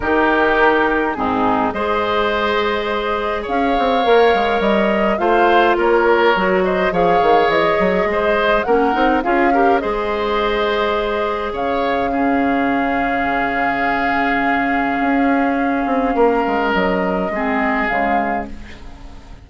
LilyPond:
<<
  \new Staff \with { instrumentName = "flute" } { \time 4/4 \tempo 4 = 104 ais'2 gis'4 dis''4~ | dis''2 f''2 | dis''4 f''4 cis''4. dis''8 | f''4 dis''2 fis''4 |
f''4 dis''2. | f''1~ | f''1~ | f''4 dis''2 f''4 | }
  \new Staff \with { instrumentName = "oboe" } { \time 4/4 g'2 dis'4 c''4~ | c''2 cis''2~ | cis''4 c''4 ais'4. c''8 | cis''2 c''4 ais'4 |
gis'8 ais'8 c''2. | cis''4 gis'2.~ | gis'1 | ais'2 gis'2 | }
  \new Staff \with { instrumentName = "clarinet" } { \time 4/4 dis'2 c'4 gis'4~ | gis'2. ais'4~ | ais'4 f'2 fis'4 | gis'2. cis'8 dis'8 |
f'8 g'8 gis'2.~ | gis'4 cis'2.~ | cis'1~ | cis'2 c'4 gis4 | }
  \new Staff \with { instrumentName = "bassoon" } { \time 4/4 dis2 gis,4 gis4~ | gis2 cis'8 c'8 ais8 gis8 | g4 a4 ais4 fis4 | f8 dis8 e8 fis8 gis4 ais8 c'8 |
cis'4 gis2. | cis1~ | cis2 cis'4. c'8 | ais8 gis8 fis4 gis4 cis4 | }
>>